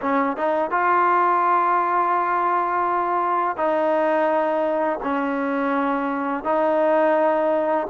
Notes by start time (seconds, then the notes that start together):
0.01 C#4
0.36 D#4
0.70 F4
3.56 D#4
5.02 C#4
6.44 D#4